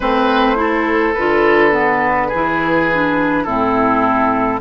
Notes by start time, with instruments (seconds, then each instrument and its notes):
0.00 bassoon A3, clarinet C4, oboe B4, flute C5
0.55 clarinet E4, oboe A4
1.13 bassoon D3, clarinet F4, flute B4
1.71 clarinet B3
2.27 bassoon E3, oboe G#4
2.34 clarinet E4
2.92 clarinet D4
3.44 bassoon A2, clarinet C4, oboe E4, flute A4